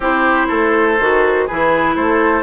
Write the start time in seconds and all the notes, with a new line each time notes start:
0.00 C4 E4 G4 C5
0.48 A3 A4
0.99 D#3 F#4
1.46 E3 E4 G#4 B4
1.95 A3 A4 C5